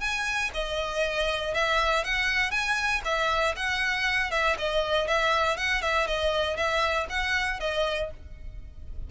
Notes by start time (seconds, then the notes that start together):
0.00 G#5
0.54 D#5
1.54 E5
2.04 F#5
2.51 G#5
3.04 E5
3.56 F#5
4.31 E5
4.58 D#5
5.07 E5
5.57 F#5
5.82 E5
6.07 D#5
6.57 E5
7.10 F#5
7.60 D#5